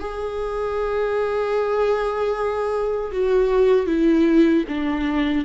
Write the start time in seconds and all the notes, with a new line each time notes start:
0.00 G#4
3.12 F#4
3.86 E4
4.68 D4